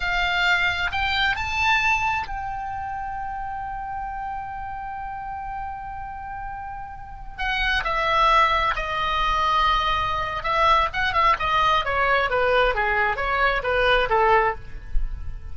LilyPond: \new Staff \with { instrumentName = "oboe" } { \time 4/4 \tempo 4 = 132 f''2 g''4 a''4~ | a''4 g''2.~ | g''1~ | g''1~ |
g''16 fis''4 e''2 dis''8.~ | dis''2. e''4 | fis''8 e''8 dis''4 cis''4 b'4 | gis'4 cis''4 b'4 a'4 | }